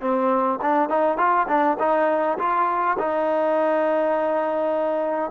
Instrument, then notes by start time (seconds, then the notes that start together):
trombone
0.00 C4
0.61 D4
0.89 D#4
1.17 F4
1.48 D4
1.79 D#4
2.38 F4
2.98 D#4